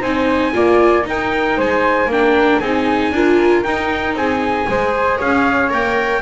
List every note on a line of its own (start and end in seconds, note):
0.00 0.54 C4
0.00 0.52 D#4
0.00 0.52 C5
0.00 1.06 G#5
0.52 1.06 A#3
0.52 1.02 F4
0.52 1.07 D5
1.02 2.06 D#4
1.02 1.58 D#4
1.09 1.58 A#4
1.09 1.60 G5
1.58 2.06 G#3
1.58 2.09 C5
1.58 2.12 G#5
2.06 2.58 A#3
2.06 2.63 D4
2.06 2.60 A#4
2.13 2.60 G5
2.60 3.12 C4
2.60 3.14 D#4
2.60 3.12 G#4
2.60 3.63 G#5
3.12 3.63 D4
3.12 3.64 F4
3.12 4.18 A#4
3.63 4.68 D#4
3.63 4.15 D#4
3.63 4.15 G5
4.15 4.66 C4
4.15 4.70 G#4
4.15 5.20 G#5
4.69 5.20 G#3
4.69 5.70 G#4
4.69 5.18 C5
5.18 5.72 C#4
5.18 6.21 C#5
5.18 5.73 F5
5.70 6.22 A#3
5.70 6.22 A#4
5.70 6.22 G5